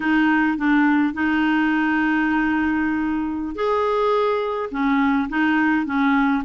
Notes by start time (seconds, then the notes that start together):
0.00 D#4
0.57 D4
1.13 D#4
3.55 G#4
4.71 C#4
5.29 D#4
5.86 C#4